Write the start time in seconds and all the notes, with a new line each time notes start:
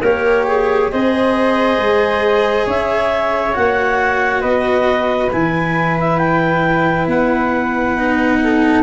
0.00 A#3 G4 A#4 C#5
0.47 G#4
0.91 C4 G#4 C5 D#5
1.78 G#3
2.65 C#4 C#5 E5
3.53 A#3 F#4 F#5
4.41 B3 B4 D#5
5.32 E3 E4 G#5
5.99 E5
6.18 G5
7.07 B3 F#5
7.97 D#4
8.43 A4